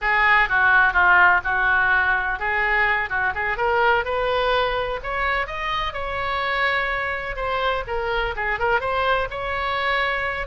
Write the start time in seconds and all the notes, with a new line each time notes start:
0.01 G#4
0.48 F#4
0.93 F4
1.44 F#4
2.39 G#4
3.09 F#4
3.34 G#4
3.57 A#4
4.04 B4
5.03 C#5
5.46 D#5
5.93 C#5
7.35 C5
7.87 A#4
8.35 G#4
8.59 A#4
8.80 C5
9.30 C#5